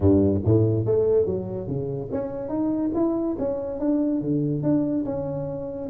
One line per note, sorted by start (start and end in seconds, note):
0.00 0.41 G2
0.45 0.85 A2
0.85 1.25 A3
1.25 1.67 F#3
1.67 2.09 C#3
2.11 2.49 C#4
2.49 2.90 D#4
2.94 3.36 E4
3.39 3.79 C#4
3.79 4.21 D4
4.21 4.62 D3
4.62 5.04 D4
5.05 5.89 C#4